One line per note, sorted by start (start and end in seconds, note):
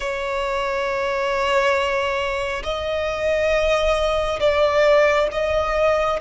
0.00 2.62 C#5
2.63 4.39 D#5
4.40 5.28 D5
5.31 6.20 D#5